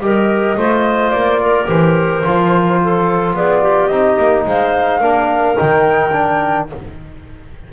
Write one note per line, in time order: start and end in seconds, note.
0.00 0.56 G3
0.00 0.57 G4
0.00 0.57 A#4
0.00 1.11 D#5
0.57 1.12 A3
0.57 1.65 F4
0.57 1.41 C5
1.11 1.68 A#3
1.11 1.66 D5
1.42 2.80 A#4
1.65 2.24 E3
1.65 2.21 G4
1.65 3.35 C5
2.23 3.34 F3
2.23 3.90 F4
2.83 3.35 A4
3.34 3.89 B3
3.34 3.62 G#4
3.34 3.87 D5
3.62 4.45 G4
3.87 4.17 C4
3.87 5.01 D#4
3.87 4.43 D#5
4.17 4.45 A#3
4.45 5.00 G#3
4.45 5.00 C5
4.45 5.57 F5
5.00 5.56 A#3
5.00 5.55 D4
5.00 6.67 A#4
5.55 6.11 D#4
5.55 6.69 G5
5.61 6.72 D#3
6.12 6.68 D4